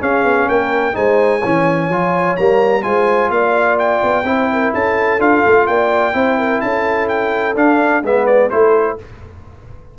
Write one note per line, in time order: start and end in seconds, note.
0.00 0.94 C#4
0.00 0.24 C#4
0.00 0.48 G#4
0.00 0.49 F5
0.24 0.48 B3
0.48 0.95 A#3
0.48 0.95 A#4
0.48 0.96 G5
0.94 1.44 G#3
0.94 1.41 D#4
0.94 1.39 C5
0.94 2.37 G#5
1.39 1.90 E3
1.39 1.92 C#4
1.39 2.81 C#5
1.90 2.37 F3
1.90 2.38 F4
2.37 2.85 G3
2.37 2.83 A#3
2.37 2.83 A#5
2.83 3.30 G#3
2.83 4.24 F4
2.83 3.32 C5
2.83 3.31 G#5
3.30 4.01 A#3
3.30 4.27 D5
3.30 3.78 F5
3.79 4.74 G5
4.03 4.25 B3
4.25 4.72 C4
4.25 5.20 E4
4.25 4.52 C5
4.53 4.74 A#4
4.74 5.20 C#4
4.74 5.69 A4
4.74 5.21 A5
5.20 5.43 D4
5.20 6.13 F4
5.20 5.67 F5
5.47 5.68 A3
5.67 6.14 A#3
5.67 6.16 D5
5.67 6.61 G5
6.13 6.62 C4
6.13 7.55 E4
6.13 6.39 C5
6.39 6.62 A#4
6.61 7.56 C#4
6.61 8.06 A4
6.61 7.08 A5
7.09 7.56 G5
7.56 8.03 D4
7.56 8.04 D4
7.56 8.05 F5
8.03 8.50 G#3
8.03 8.51 B3
8.03 8.50 B4
8.03 8.26 E5
8.26 8.50 D5
8.50 8.99 A3
8.50 8.98 E4
8.50 8.98 A4
8.50 8.98 C5